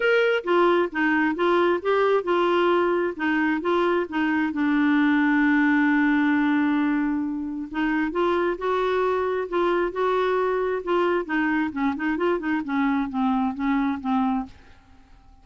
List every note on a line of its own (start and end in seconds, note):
0.00 0.43 A#4
0.44 0.89 F4
0.91 1.35 D#4
1.35 1.80 F4
1.82 2.23 G4
2.23 3.14 F4
3.16 3.61 D#4
3.61 4.06 F4
4.09 4.52 D#4
4.52 7.68 D4
7.70 8.11 D#4
8.11 8.56 F4
8.57 9.48 F#4
9.48 9.92 F4
9.92 10.82 F#4
10.83 11.25 F4
11.25 11.70 D#4
11.72 11.94 C#4
11.96 12.17 D#4
12.17 12.39 F4
12.39 12.61 D#4
12.64 13.09 C#4
13.09 13.54 C4
13.54 13.99 C#4
14.00 14.45 C4